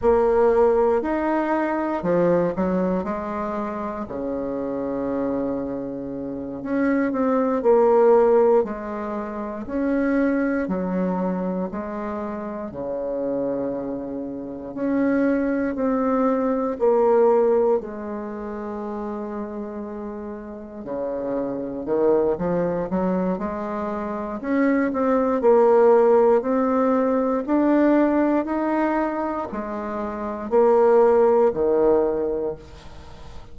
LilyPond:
\new Staff \with { instrumentName = "bassoon" } { \time 4/4 \tempo 4 = 59 ais4 dis'4 f8 fis8 gis4 | cis2~ cis8 cis'8 c'8 ais8~ | ais8 gis4 cis'4 fis4 gis8~ | gis8 cis2 cis'4 c'8~ |
c'8 ais4 gis2~ gis8~ | gis8 cis4 dis8 f8 fis8 gis4 | cis'8 c'8 ais4 c'4 d'4 | dis'4 gis4 ais4 dis4 | }